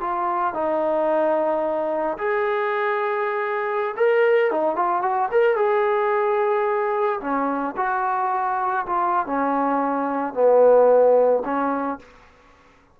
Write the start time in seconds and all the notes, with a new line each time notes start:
0.00 F4
0.54 D#4
2.18 G#4
3.97 A#4
4.51 D#4
4.76 F4
5.02 F#4
5.31 A#4
5.56 G#4
7.20 C#4
7.77 F#4
8.86 F4
9.26 C#4
10.34 B3
11.44 C#4